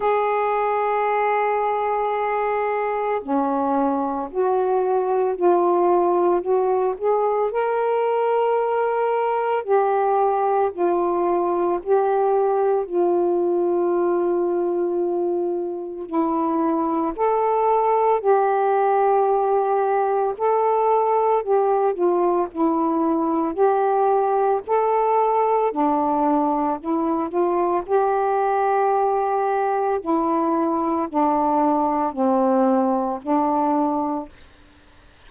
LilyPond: \new Staff \with { instrumentName = "saxophone" } { \time 4/4 \tempo 4 = 56 gis'2. cis'4 | fis'4 f'4 fis'8 gis'8 ais'4~ | ais'4 g'4 f'4 g'4 | f'2. e'4 |
a'4 g'2 a'4 | g'8 f'8 e'4 g'4 a'4 | d'4 e'8 f'8 g'2 | e'4 d'4 c'4 d'4 | }